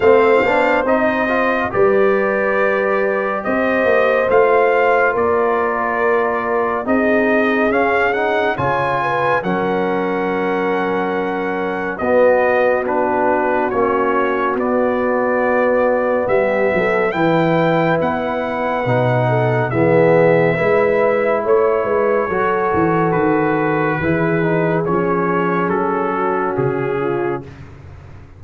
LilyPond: <<
  \new Staff \with { instrumentName = "trumpet" } { \time 4/4 \tempo 4 = 70 f''4 dis''4 d''2 | dis''4 f''4 d''2 | dis''4 f''8 fis''8 gis''4 fis''4~ | fis''2 dis''4 b'4 |
cis''4 d''2 e''4 | g''4 fis''2 e''4~ | e''4 cis''2 b'4~ | b'4 cis''4 a'4 gis'4 | }
  \new Staff \with { instrumentName = "horn" } { \time 4/4 c''2 b'2 | c''2 ais'2 | gis'2 cis''8 b'8 ais'4~ | ais'2 fis'2~ |
fis'2. g'8 a'8 | b'2~ b'8 a'8 gis'4 | b'4 cis''8 b'8 a'2 | gis'2~ gis'8 fis'4 f'8 | }
  \new Staff \with { instrumentName = "trombone" } { \time 4/4 c'8 d'8 dis'8 f'8 g'2~ | g'4 f'2. | dis'4 cis'8 dis'8 f'4 cis'4~ | cis'2 b4 d'4 |
cis'4 b2. | e'2 dis'4 b4 | e'2 fis'2 | e'8 dis'8 cis'2. | }
  \new Staff \with { instrumentName = "tuba" } { \time 4/4 a8 b8 c'4 g2 | c'8 ais8 a4 ais2 | c'4 cis'4 cis4 fis4~ | fis2 b2 |
ais4 b2 g8 fis8 | e4 b4 b,4 e4 | gis4 a8 gis8 fis8 e8 dis4 | e4 f4 fis4 cis4 | }
>>